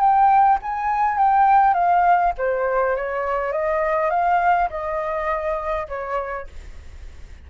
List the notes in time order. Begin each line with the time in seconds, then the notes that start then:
0.00 G5
0.63 G#5
1.18 G5
1.74 F5
2.38 C5
2.97 C#5
3.52 D#5
4.10 F5
4.70 D#5
5.89 C#5